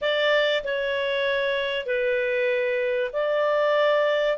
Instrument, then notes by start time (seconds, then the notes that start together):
clarinet
0.01 D5
0.64 C#5
1.86 B4
3.12 D5